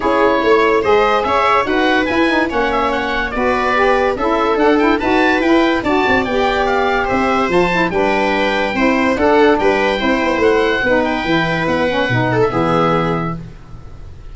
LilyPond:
<<
  \new Staff \with { instrumentName = "oboe" } { \time 4/4 \tempo 4 = 144 cis''2 dis''4 e''4 | fis''4 gis''4 fis''8 e''8 fis''4 | d''2 e''4 fis''8 g''8 | a''4 g''4 a''4 g''4 |
f''4 e''4 a''4 g''4~ | g''2 fis''4 g''4~ | g''4 fis''4. g''4. | fis''4.~ fis''16 e''2~ e''16 | }
  \new Staff \with { instrumentName = "viola" } { \time 4/4 gis'4 cis''4 c''4 cis''4 | b'2 cis''2 | b'2 a'2 | b'2 d''2~ |
d''4 c''2 b'4~ | b'4 c''4 a'4 b'4 | c''2 b'2~ | b'4. a'8 gis'2 | }
  \new Staff \with { instrumentName = "saxophone" } { \time 4/4 e'2 gis'2 | fis'4 e'8 dis'8 cis'2 | fis'4 g'4 e'4 d'8 e'8 | fis'4 e'4 fis'4 g'4~ |
g'2 f'8 e'8 d'4~ | d'4 e'4 d'2 | e'2 dis'4 e'4~ | e'8 cis'8 dis'4 b2 | }
  \new Staff \with { instrumentName = "tuba" } { \time 4/4 cis'4 a4 gis4 cis'4 | dis'4 e'4 ais2 | b2 cis'4 d'4 | dis'4 e'4 d'8 c'8 b4~ |
b4 c'4 f4 g4~ | g4 c'4 d'4 g4 | c'8 b8 a4 b4 e4 | b4 b,4 e2 | }
>>